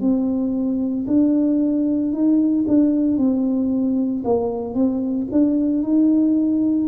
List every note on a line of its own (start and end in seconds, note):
0.00 1.05 C4
1.07 2.12 D4
2.12 2.65 D#4
2.67 3.17 D4
3.17 4.22 C4
4.24 4.74 A#3
4.74 5.26 C4
5.31 5.82 D4
5.82 6.88 D#4